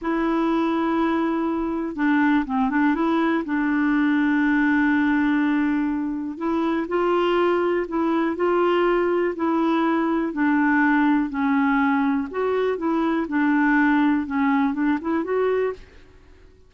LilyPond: \new Staff \with { instrumentName = "clarinet" } { \time 4/4 \tempo 4 = 122 e'1 | d'4 c'8 d'8 e'4 d'4~ | d'1~ | d'4 e'4 f'2 |
e'4 f'2 e'4~ | e'4 d'2 cis'4~ | cis'4 fis'4 e'4 d'4~ | d'4 cis'4 d'8 e'8 fis'4 | }